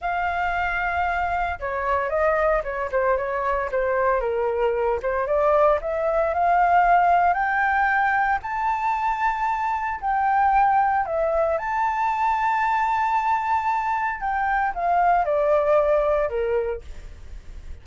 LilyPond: \new Staff \with { instrumentName = "flute" } { \time 4/4 \tempo 4 = 114 f''2. cis''4 | dis''4 cis''8 c''8 cis''4 c''4 | ais'4. c''8 d''4 e''4 | f''2 g''2 |
a''2. g''4~ | g''4 e''4 a''2~ | a''2. g''4 | f''4 d''2 ais'4 | }